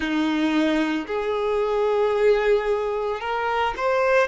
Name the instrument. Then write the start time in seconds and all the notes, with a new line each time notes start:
violin
0.00 D#4
1.07 G#4
3.20 A#4
3.76 C5